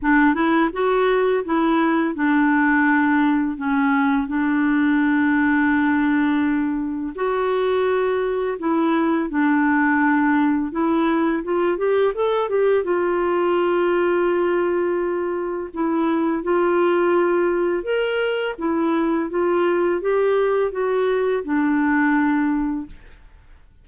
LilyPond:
\new Staff \with { instrumentName = "clarinet" } { \time 4/4 \tempo 4 = 84 d'8 e'8 fis'4 e'4 d'4~ | d'4 cis'4 d'2~ | d'2 fis'2 | e'4 d'2 e'4 |
f'8 g'8 a'8 g'8 f'2~ | f'2 e'4 f'4~ | f'4 ais'4 e'4 f'4 | g'4 fis'4 d'2 | }